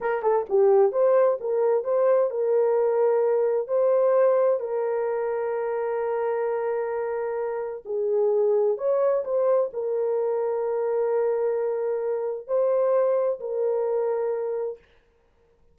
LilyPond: \new Staff \with { instrumentName = "horn" } { \time 4/4 \tempo 4 = 130 ais'8 a'8 g'4 c''4 ais'4 | c''4 ais'2. | c''2 ais'2~ | ais'1~ |
ais'4 gis'2 cis''4 | c''4 ais'2.~ | ais'2. c''4~ | c''4 ais'2. | }